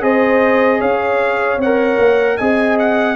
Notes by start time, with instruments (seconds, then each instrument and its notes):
0.00 tuba C4, trombone G#4, horn C5, trumpet D#5
0.79 tuba C#4, horn C#5, trumpet F5
1.57 tuba C4, trumpet F#5
1.64 trombone A#4
1.98 tuba A#3
2.37 tuba C4, trombone G#4, horn D#5, trumpet G#5
2.78 trumpet F#5